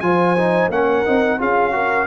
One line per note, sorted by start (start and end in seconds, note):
0.00 0.68 F3
0.00 0.37 F4
0.00 0.73 C5
0.00 0.69 G#5
0.37 0.71 D#4
0.68 1.03 A#3
0.68 1.05 C#4
0.68 1.39 A#4
0.68 1.40 F#5
1.05 1.40 C4
1.05 1.39 D#4
1.39 2.07 C#4
1.39 1.72 F4
1.39 1.73 G#4
1.39 2.07 F5
1.72 2.06 F#4
1.72 2.07 A#4